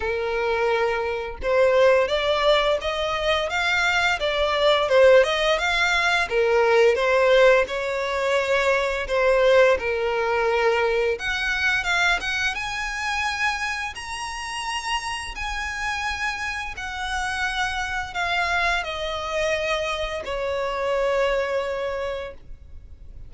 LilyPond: \new Staff \with { instrumentName = "violin" } { \time 4/4 \tempo 4 = 86 ais'2 c''4 d''4 | dis''4 f''4 d''4 c''8 dis''8 | f''4 ais'4 c''4 cis''4~ | cis''4 c''4 ais'2 |
fis''4 f''8 fis''8 gis''2 | ais''2 gis''2 | fis''2 f''4 dis''4~ | dis''4 cis''2. | }